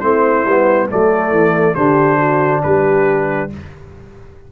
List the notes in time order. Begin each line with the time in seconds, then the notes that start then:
0.00 A3 C4 E4 C5
0.45 G3 B3
0.89 F#3 A3 A4 D5
1.31 E3
1.74 D3 D4 G4 C5
2.17 F#4
2.63 G3 G4 B4